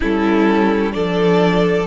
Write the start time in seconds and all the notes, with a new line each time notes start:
0.00 G3 C#4 E4 A4
0.91 F3 D4 A4 D5